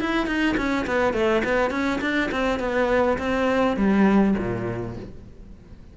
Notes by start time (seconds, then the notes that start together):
0.00 E4
0.26 D#4
0.57 C#4
0.87 B3
1.14 A3
1.44 B3
1.71 C#4
2.01 D4
2.31 C4
2.59 B3
3.19 C4
3.77 G3
4.38 A#2